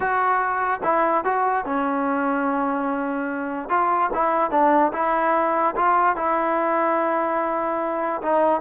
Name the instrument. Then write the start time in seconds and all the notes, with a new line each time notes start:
trombone
0.00 F#4
0.83 E4
1.24 F#4
1.65 C#4
3.69 F4
4.13 E4
4.51 D4
4.92 E4
5.76 F4
6.16 E4
8.22 D#4